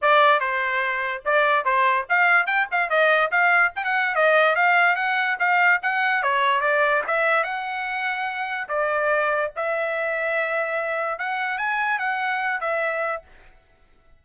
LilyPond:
\new Staff \with { instrumentName = "trumpet" } { \time 4/4 \tempo 4 = 145 d''4 c''2 d''4 | c''4 f''4 g''8 f''8 dis''4 | f''4 g''16 fis''8. dis''4 f''4 | fis''4 f''4 fis''4 cis''4 |
d''4 e''4 fis''2~ | fis''4 d''2 e''4~ | e''2. fis''4 | gis''4 fis''4. e''4. | }